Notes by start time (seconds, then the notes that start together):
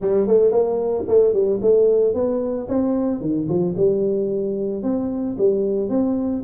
0.01 G3
0.27 A3
0.51 A#3
1.08 A3
1.33 G3
1.61 A3
2.14 B3
2.68 C4
3.20 D#3
3.48 F3
3.76 G3
4.83 C4
5.37 G3
5.89 C4